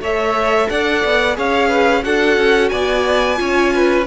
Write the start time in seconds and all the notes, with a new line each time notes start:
0.00 A3 A4 C#5 E5
0.69 D4 D5 F#5
1.04 B3
1.34 C#4 G#4 C#5 F5
1.68 B4
2.03 D4 F#4 A4 F#5
2.37 C#4
2.69 B3 D5 G#5
3.36 C#4 F4 C#5
3.73 B4